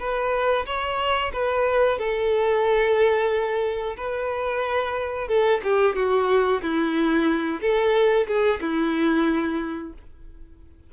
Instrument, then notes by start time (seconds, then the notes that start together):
violin
0.00 B4
0.66 C#5
1.33 B4
1.99 A4
3.97 B4
5.28 A4
5.64 G4
5.96 F#4
6.62 E4
7.61 A4
8.27 G#4
8.61 E4